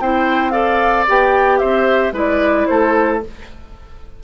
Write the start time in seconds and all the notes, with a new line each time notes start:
0.00 C4 E4 C5 G5
0.51 A4 D5 F5
1.08 B3 G4 G5
1.59 C4 C5 E5
2.12 G#3 E4 B4 D5
2.67 A3 A4 C5